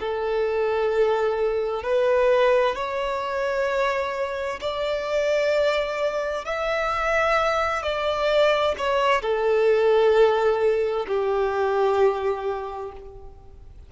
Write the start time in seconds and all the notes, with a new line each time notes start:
0.00 A4
1.83 B4
2.76 C#5
4.61 D5
6.45 E5
7.83 D5
8.78 C#5
9.22 A4
11.08 G4